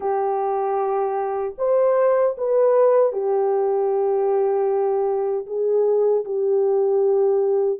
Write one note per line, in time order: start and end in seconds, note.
0.00 1.54 G4
1.58 2.36 C5
2.37 3.12 B4
3.12 5.46 G4
5.46 6.24 G#4
6.24 7.79 G4